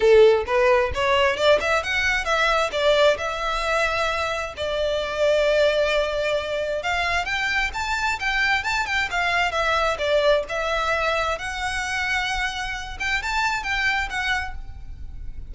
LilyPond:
\new Staff \with { instrumentName = "violin" } { \time 4/4 \tempo 4 = 132 a'4 b'4 cis''4 d''8 e''8 | fis''4 e''4 d''4 e''4~ | e''2 d''2~ | d''2. f''4 |
g''4 a''4 g''4 a''8 g''8 | f''4 e''4 d''4 e''4~ | e''4 fis''2.~ | fis''8 g''8 a''4 g''4 fis''4 | }